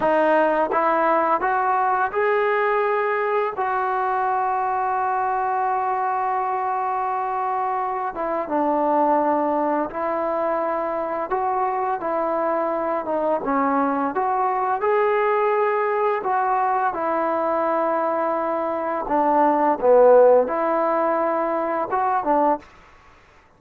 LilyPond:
\new Staff \with { instrumentName = "trombone" } { \time 4/4 \tempo 4 = 85 dis'4 e'4 fis'4 gis'4~ | gis'4 fis'2.~ | fis'2.~ fis'8 e'8 | d'2 e'2 |
fis'4 e'4. dis'8 cis'4 | fis'4 gis'2 fis'4 | e'2. d'4 | b4 e'2 fis'8 d'8 | }